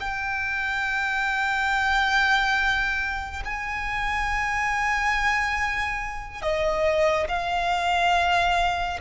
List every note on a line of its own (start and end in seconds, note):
0.00 3.43 G5
3.45 6.42 G#5
6.42 7.27 D#5
7.28 9.00 F5